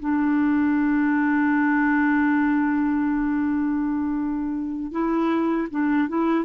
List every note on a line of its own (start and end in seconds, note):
0.00 4.92 D4
4.92 5.68 E4
5.71 6.09 D4
6.09 6.45 E4